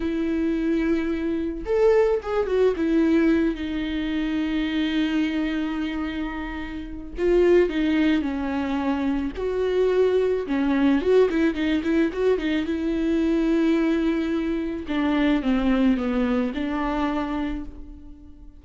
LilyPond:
\new Staff \with { instrumentName = "viola" } { \time 4/4 \tempo 4 = 109 e'2. a'4 | gis'8 fis'8 e'4. dis'4.~ | dis'1~ | dis'4 f'4 dis'4 cis'4~ |
cis'4 fis'2 cis'4 | fis'8 e'8 dis'8 e'8 fis'8 dis'8 e'4~ | e'2. d'4 | c'4 b4 d'2 | }